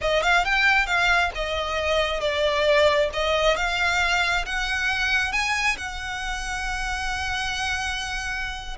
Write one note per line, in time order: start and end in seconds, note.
0.01 0.22 D#5
0.22 0.44 F5
0.44 0.86 G5
0.86 1.31 F5
1.34 2.20 D#5
2.20 3.09 D5
3.13 3.56 D#5
3.56 4.45 F5
4.45 5.32 F#5
5.32 5.77 G#5
5.77 8.77 F#5